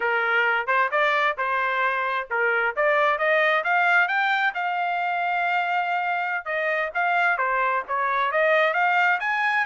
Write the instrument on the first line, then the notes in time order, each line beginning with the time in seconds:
trumpet
0.00 A#4
0.66 C5
0.91 D5
1.37 C5
2.30 A#4
2.75 D5
3.18 D#5
3.63 F5
4.07 G5
4.54 F5
6.45 D#5
6.94 F5
7.37 C5
7.87 C#5
8.31 D#5
8.73 F5
9.20 G#5